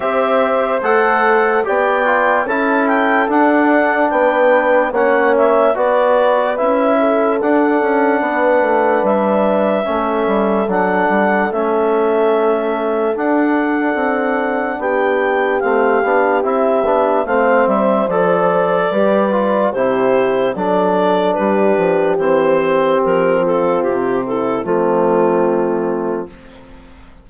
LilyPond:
<<
  \new Staff \with { instrumentName = "clarinet" } { \time 4/4 \tempo 4 = 73 e''4 fis''4 g''4 a''8 g''8 | fis''4 g''4 fis''8 e''8 d''4 | e''4 fis''2 e''4~ | e''4 fis''4 e''2 |
fis''2 g''4 f''4 | e''4 f''8 e''8 d''2 | c''4 d''4 b'4 c''4 | ais'8 a'8 g'8 a'8 f'2 | }
  \new Staff \with { instrumentName = "horn" } { \time 4/4 c''2 d''4 a'4~ | a'4 b'4 cis''4 b'4~ | b'8 a'4. b'2 | a'1~ |
a'2 g'2~ | g'4 c''2 b'4 | g'4 a'4 g'2~ | g'8 f'4 e'8 c'2 | }
  \new Staff \with { instrumentName = "trombone" } { \time 4/4 g'4 a'4 g'8 f'8 e'4 | d'2 cis'4 fis'4 | e'4 d'2. | cis'4 d'4 cis'2 |
d'2. c'8 d'8 | e'8 d'8 c'4 a'4 g'8 f'8 | e'4 d'2 c'4~ | c'2 a2 | }
  \new Staff \with { instrumentName = "bassoon" } { \time 4/4 c'4 a4 b4 cis'4 | d'4 b4 ais4 b4 | cis'4 d'8 cis'8 b8 a8 g4 | a8 g8 fis8 g8 a2 |
d'4 c'4 b4 a8 b8 | c'8 b8 a8 g8 f4 g4 | c4 fis4 g8 f8 e4 | f4 c4 f2 | }
>>